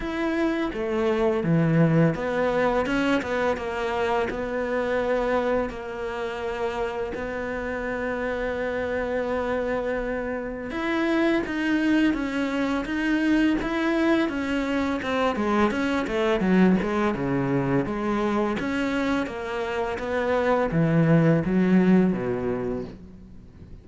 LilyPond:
\new Staff \with { instrumentName = "cello" } { \time 4/4 \tempo 4 = 84 e'4 a4 e4 b4 | cis'8 b8 ais4 b2 | ais2 b2~ | b2. e'4 |
dis'4 cis'4 dis'4 e'4 | cis'4 c'8 gis8 cis'8 a8 fis8 gis8 | cis4 gis4 cis'4 ais4 | b4 e4 fis4 b,4 | }